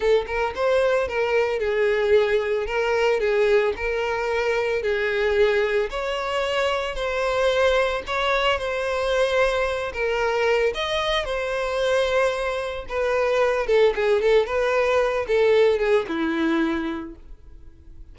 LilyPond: \new Staff \with { instrumentName = "violin" } { \time 4/4 \tempo 4 = 112 a'8 ais'8 c''4 ais'4 gis'4~ | gis'4 ais'4 gis'4 ais'4~ | ais'4 gis'2 cis''4~ | cis''4 c''2 cis''4 |
c''2~ c''8 ais'4. | dis''4 c''2. | b'4. a'8 gis'8 a'8 b'4~ | b'8 a'4 gis'8 e'2 | }